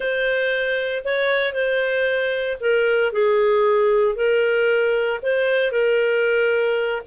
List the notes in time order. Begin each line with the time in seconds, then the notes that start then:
0.00 C5
1.04 C#5
1.53 C5
2.60 A#4
3.12 G#4
4.15 A#4
5.22 C5
5.71 A#4